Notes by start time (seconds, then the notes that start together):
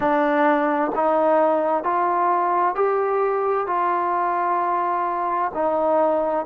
0.00 D4
0.95 D#4
1.83 F4
2.75 G4
3.67 F4
5.53 D#4